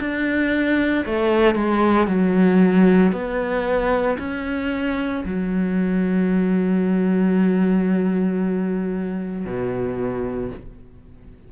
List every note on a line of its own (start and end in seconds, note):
0.00 1.05 D4
1.06 1.55 A3
1.55 2.08 G#3
2.08 3.12 F#3
3.12 4.18 B3
4.19 5.24 C#4
5.26 9.46 F#3
9.46 10.51 B2